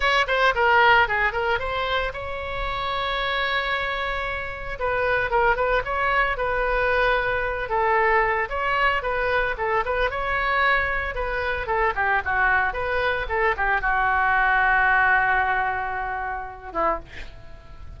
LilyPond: \new Staff \with { instrumentName = "oboe" } { \time 4/4 \tempo 4 = 113 cis''8 c''8 ais'4 gis'8 ais'8 c''4 | cis''1~ | cis''4 b'4 ais'8 b'8 cis''4 | b'2~ b'8 a'4. |
cis''4 b'4 a'8 b'8 cis''4~ | cis''4 b'4 a'8 g'8 fis'4 | b'4 a'8 g'8 fis'2~ | fis'2.~ fis'8 e'8 | }